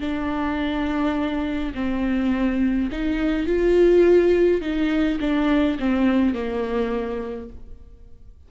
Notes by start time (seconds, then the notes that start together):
0.00 D4
1.74 C4
2.92 D#4
3.46 F4
4.61 D#4
5.20 D4
5.79 C4
6.34 A#3